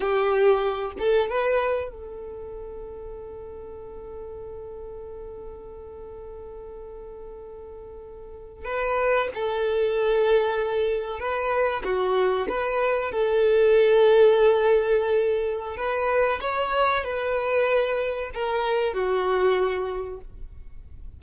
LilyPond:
\new Staff \with { instrumentName = "violin" } { \time 4/4 \tempo 4 = 95 g'4. a'8 b'4 a'4~ | a'1~ | a'1~ | a'4.~ a'16 b'4 a'4~ a'16~ |
a'4.~ a'16 b'4 fis'4 b'16~ | b'8. a'2.~ a'16~ | a'4 b'4 cis''4 b'4~ | b'4 ais'4 fis'2 | }